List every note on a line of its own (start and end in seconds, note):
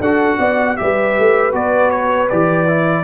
0.00 0.38 D4
0.00 0.78 F#4
0.00 0.38 A4
0.00 0.76 F#5
0.38 0.77 B3
0.38 0.76 D5
0.76 1.19 G3
0.76 1.52 G4
0.76 3.04 B4
0.76 1.52 E5
1.19 1.53 A3
1.52 2.29 B3
1.52 2.28 F#4
1.52 1.91 D5
1.91 2.28 C#5
2.29 3.04 E3
2.29 2.67 G4
2.29 3.04 D5
2.67 3.04 E4